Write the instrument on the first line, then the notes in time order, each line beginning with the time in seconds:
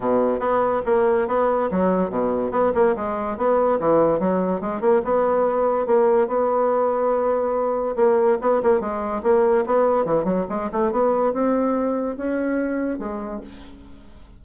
bassoon
0.00 B2
0.39 B3
0.85 A#3
1.27 B3
1.71 F#3
2.10 B2
2.51 B3
2.74 A#3
2.96 G#3
3.37 B3
3.79 E3
4.19 F#3
4.60 G#3
4.80 A#3
5.04 B3
5.86 A#3
6.27 B3
7.96 A#3
8.41 B3
8.62 A#3
8.80 G#3
9.23 A#3
9.66 B3
10.05 E3
10.24 F#3
10.49 G#3
10.72 A3
10.91 B3
11.33 C4
12.16 C#4
12.98 G#3